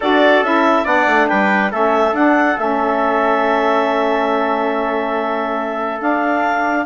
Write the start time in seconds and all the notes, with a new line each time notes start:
0.00 D4 F#4 A4 D5
0.41 C#4 E4 E5
0.83 B3 D4 D5 F#5
1.06 A3
1.28 G3 B4 G5
1.70 A3 C#4 A4 E5
2.13 D4 F#5
2.57 A3 C#4 E5
6.00 D4 F5